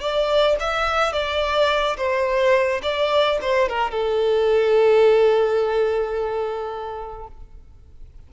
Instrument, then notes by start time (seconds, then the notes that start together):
violin
0.00 D5
0.60 E5
1.12 D5
1.97 C5
2.83 D5
3.42 C5
3.69 A#4
3.91 A4